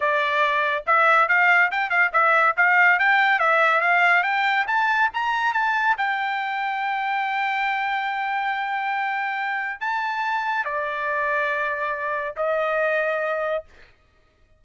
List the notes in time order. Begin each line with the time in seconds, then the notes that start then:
0.00 D5
0.86 E5
1.28 F5
1.71 G5
1.90 F5
2.13 E5
2.56 F5
2.99 G5
3.39 E5
3.81 F5
4.23 G5
4.67 A5
5.13 A#5
5.53 A5
5.97 G5
9.80 A5
10.64 D5
12.36 D#5